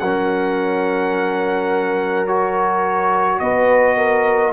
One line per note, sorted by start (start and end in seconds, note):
0.00 3.40 F#3
0.00 2.28 C#4
0.00 3.40 A#4
0.00 2.26 F#5
2.27 4.53 F#4
2.27 3.40 C#5
3.40 4.53 B3
3.40 3.97 B4
3.40 4.53 D#5
3.97 4.53 A#4